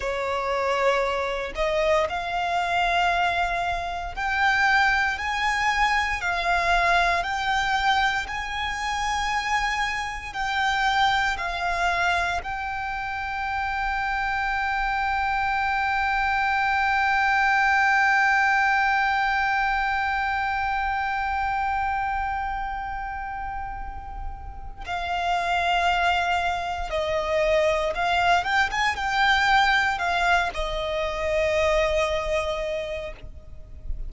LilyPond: \new Staff \with { instrumentName = "violin" } { \time 4/4 \tempo 4 = 58 cis''4. dis''8 f''2 | g''4 gis''4 f''4 g''4 | gis''2 g''4 f''4 | g''1~ |
g''1~ | g''1 | f''2 dis''4 f''8 g''16 gis''16 | g''4 f''8 dis''2~ dis''8 | }